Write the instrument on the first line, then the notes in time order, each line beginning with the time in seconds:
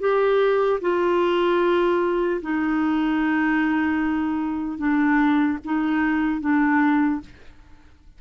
clarinet
0.00 G4
0.81 F4
2.42 D#4
4.78 D4
5.65 D#4
6.40 D4